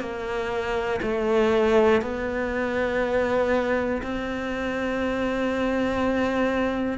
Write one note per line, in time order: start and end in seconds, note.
0.00 1.00 A#3
1.02 2.01 A3
2.01 4.01 B3
4.02 6.98 C4